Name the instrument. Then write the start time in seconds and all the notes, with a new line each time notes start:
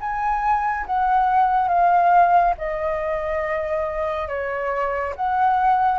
flute
0.00 G#5
0.86 F#5
1.68 F5
2.58 D#5
4.28 C#5
5.16 F#5